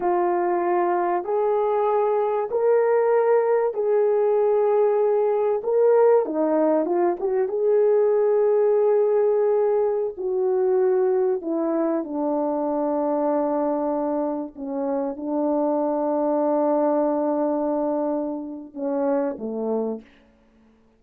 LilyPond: \new Staff \with { instrumentName = "horn" } { \time 4/4 \tempo 4 = 96 f'2 gis'2 | ais'2 gis'2~ | gis'4 ais'4 dis'4 f'8 fis'8 | gis'1~ |
gis'16 fis'2 e'4 d'8.~ | d'2.~ d'16 cis'8.~ | cis'16 d'2.~ d'8.~ | d'2 cis'4 a4 | }